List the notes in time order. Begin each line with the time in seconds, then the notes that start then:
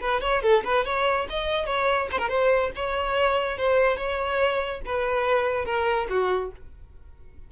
0.00 B4
0.21 C#5
0.42 A4
0.64 B4
0.85 C#5
1.29 D#5
1.66 C#5
2.11 C5
2.18 A#4
2.28 C5
2.75 C#5
3.57 C5
3.97 C#5
4.85 B4
5.65 A#4
6.09 F#4